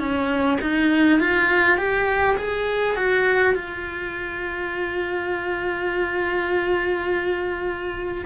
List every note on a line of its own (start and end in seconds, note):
0.00 0.59 C#4
0.61 1.20 D#4
1.20 1.78 F4
1.78 2.37 G4
2.38 2.96 G#4
2.96 3.55 F#4
3.55 8.26 F4